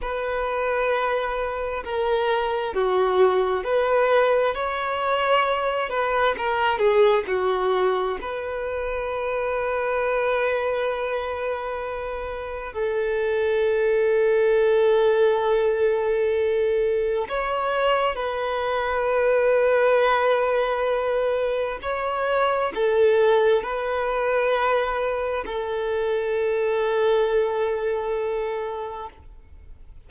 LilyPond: \new Staff \with { instrumentName = "violin" } { \time 4/4 \tempo 4 = 66 b'2 ais'4 fis'4 | b'4 cis''4. b'8 ais'8 gis'8 | fis'4 b'2.~ | b'2 a'2~ |
a'2. cis''4 | b'1 | cis''4 a'4 b'2 | a'1 | }